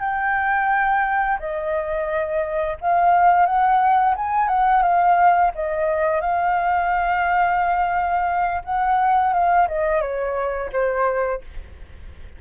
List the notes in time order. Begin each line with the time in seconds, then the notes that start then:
0.00 G5
1.39 D#5
2.81 F5
3.46 F#5
4.16 G#5
4.48 F#5
4.82 F5
5.55 D#5
6.21 F5
8.65 F#5
9.33 F5
9.68 D#5
10.02 C#5
10.72 C5